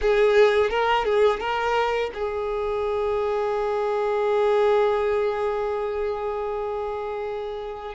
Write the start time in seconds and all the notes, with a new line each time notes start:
0.01 G#4
0.70 A#4
1.04 G#4
1.40 A#4
2.14 G#4